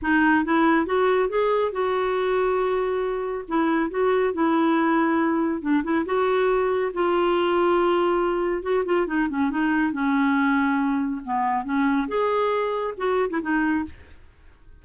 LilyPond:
\new Staff \with { instrumentName = "clarinet" } { \time 4/4 \tempo 4 = 139 dis'4 e'4 fis'4 gis'4 | fis'1 | e'4 fis'4 e'2~ | e'4 d'8 e'8 fis'2 |
f'1 | fis'8 f'8 dis'8 cis'8 dis'4 cis'4~ | cis'2 b4 cis'4 | gis'2 fis'8. e'16 dis'4 | }